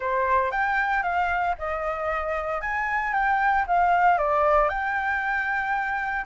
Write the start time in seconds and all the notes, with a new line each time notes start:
0.00 C5
0.51 G5
1.02 F5
1.58 D#5
2.61 G#5
3.13 G5
3.67 F5
4.18 D5
4.68 G5